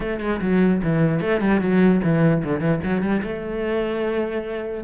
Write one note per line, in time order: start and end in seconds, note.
0.00 0.20 A3
0.20 0.40 G#3
0.41 0.81 F#3
0.83 1.20 E3
1.20 1.40 A3
1.40 1.60 G3
1.60 2.01 F#3
2.03 2.43 E3
2.44 2.60 D3
2.60 2.80 E3
2.83 3.01 F#3
3.01 3.22 G3
3.23 4.84 A3